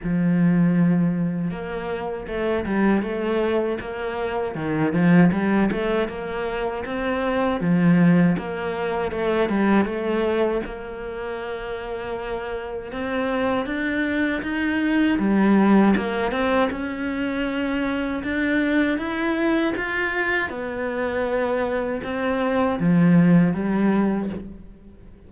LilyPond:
\new Staff \with { instrumentName = "cello" } { \time 4/4 \tempo 4 = 79 f2 ais4 a8 g8 | a4 ais4 dis8 f8 g8 a8 | ais4 c'4 f4 ais4 | a8 g8 a4 ais2~ |
ais4 c'4 d'4 dis'4 | g4 ais8 c'8 cis'2 | d'4 e'4 f'4 b4~ | b4 c'4 f4 g4 | }